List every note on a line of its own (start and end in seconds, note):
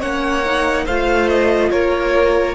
0.00 0.86 A#3
0.00 0.43 C#4
0.00 0.85 C#5
0.00 0.86 F#5
0.45 0.88 D#4
0.85 1.71 A3
0.85 2.55 F4
0.85 1.70 C5
0.85 1.29 F5
1.29 1.71 D#5
1.71 2.55 A#3
1.71 2.55 A#4
1.71 2.55 C#5